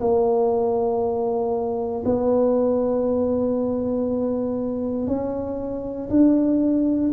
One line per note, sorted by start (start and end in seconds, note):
0.00 2.03 A#3
2.05 5.07 B3
5.07 6.09 C#4
6.09 7.11 D4